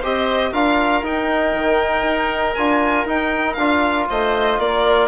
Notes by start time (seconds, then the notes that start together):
0.00 C4 G4 C5 D#5
0.52 D4 F4 A#4 F5
1.03 D#4 G5
1.54 D#3
2.03 D#4
2.54 D4 F4 G#5
3.05 D#4 G5
3.54 D4 F4 F5
4.10 A3 C5 D#5
4.59 A#3 A#4 D5